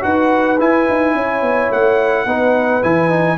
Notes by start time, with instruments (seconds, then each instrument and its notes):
0.00 tuba D#4, trombone F#4, horn B4, trumpet F#5
0.59 trombone E4, tuba E4, trumpet G#5
0.89 tuba D#4
1.14 tuba C#4, horn C#5
1.42 tuba B3
1.71 tuba A3, trumpet F#5
2.25 tuba B3, trombone D#4, horn B4
2.82 tuba E3, trombone E4, trumpet G#5
3.09 trombone D#4